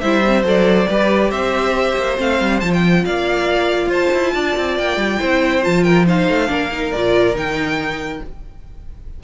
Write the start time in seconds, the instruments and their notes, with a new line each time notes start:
0.00 cello G3, viola E4, violin C5 E5
0.26 viola C4
0.43 cello F#3, viola A4, violin D5
0.88 cello G3, viola G4, violin B4
1.30 cello C4, violin C5 E5
1.97 cello A#3
2.16 cello A3, viola C4, violin F5
2.40 cello G3
2.60 cello F3, viola F4, violin A5
2.73 violin G5
3.05 cello A#3, violin D5 F5
3.86 cello F4, violin C5
3.93 violin A5
4.13 cello E4
4.34 cello D4, violin D5
4.57 cello C4
4.78 cello A#3, violin G5
4.96 cello G3
5.19 cello C4, viola E4, violin C5
5.62 cello F3, viola F4, violin A5
5.83 violin A#4 G5
6.06 viola D#4, violin C5 F5
6.28 cello A3
6.47 cello A#3, viola D4, violin A#4
6.72 viola D#4
6.92 cello A#2, viola F4, violin D5
7.33 cello D#3, viola D#4, violin G5